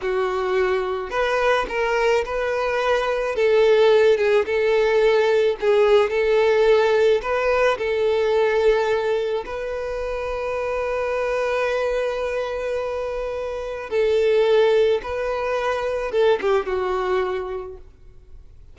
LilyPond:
\new Staff \with { instrumentName = "violin" } { \time 4/4 \tempo 4 = 108 fis'2 b'4 ais'4 | b'2 a'4. gis'8 | a'2 gis'4 a'4~ | a'4 b'4 a'2~ |
a'4 b'2.~ | b'1~ | b'4 a'2 b'4~ | b'4 a'8 g'8 fis'2 | }